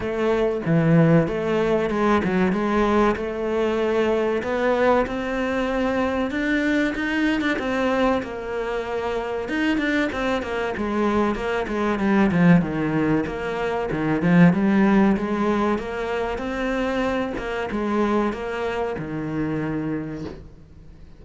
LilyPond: \new Staff \with { instrumentName = "cello" } { \time 4/4 \tempo 4 = 95 a4 e4 a4 gis8 fis8 | gis4 a2 b4 | c'2 d'4 dis'8. d'16 | c'4 ais2 dis'8 d'8 |
c'8 ais8 gis4 ais8 gis8 g8 f8 | dis4 ais4 dis8 f8 g4 | gis4 ais4 c'4. ais8 | gis4 ais4 dis2 | }